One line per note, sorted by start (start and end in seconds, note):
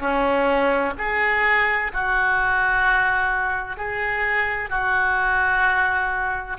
0.00 0.94 C#4
0.98 1.92 G#4
1.93 3.77 F#4
3.77 4.70 G#4
4.70 6.58 F#4